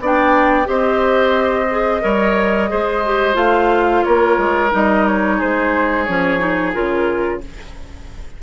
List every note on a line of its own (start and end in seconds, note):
0.00 0.67 B3
0.00 0.65 D4
0.00 0.68 D5
0.00 0.69 G5
0.65 2.03 C4
0.65 1.66 G4
0.65 2.03 C5
0.65 3.36 D#5
1.71 2.02 G#4
2.02 2.71 G3
2.02 2.69 A#4
2.02 2.70 C#5
2.69 3.35 G#3
2.69 3.03 G#4
2.69 4.05 C5
3.06 3.34 G4
3.34 4.03 A3
3.34 4.69 F4
3.34 4.04 F5
4.04 4.38 A#3
4.04 5.37 A#4
4.04 4.71 C#5
4.38 4.71 G#3
4.71 5.41 G3
4.71 6.06 D#4
4.71 5.07 D#5
5.07 5.41 C#5
5.37 6.08 G#3
5.37 7.40 G#4
5.37 6.05 C5
6.05 6.75 F3
6.05 6.39 C#4
6.05 6.72 C#5
6.39 6.73 D#4
6.74 7.42 C#3
6.74 7.41 F4
6.74 7.41 A#4